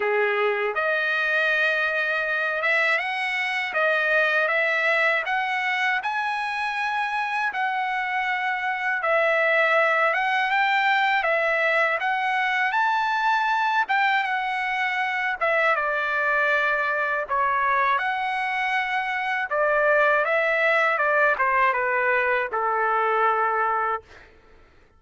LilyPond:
\new Staff \with { instrumentName = "trumpet" } { \time 4/4 \tempo 4 = 80 gis'4 dis''2~ dis''8 e''8 | fis''4 dis''4 e''4 fis''4 | gis''2 fis''2 | e''4. fis''8 g''4 e''4 |
fis''4 a''4. g''8 fis''4~ | fis''8 e''8 d''2 cis''4 | fis''2 d''4 e''4 | d''8 c''8 b'4 a'2 | }